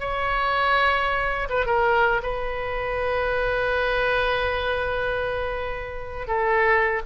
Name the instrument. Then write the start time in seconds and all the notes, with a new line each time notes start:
oboe
0.00 C#5
1.49 B4
1.66 A#4
2.22 B4
6.28 A4